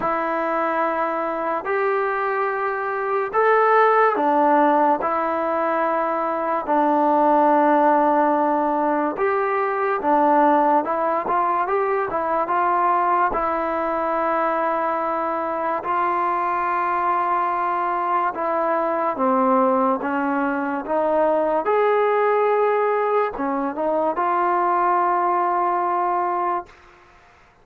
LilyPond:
\new Staff \with { instrumentName = "trombone" } { \time 4/4 \tempo 4 = 72 e'2 g'2 | a'4 d'4 e'2 | d'2. g'4 | d'4 e'8 f'8 g'8 e'8 f'4 |
e'2. f'4~ | f'2 e'4 c'4 | cis'4 dis'4 gis'2 | cis'8 dis'8 f'2. | }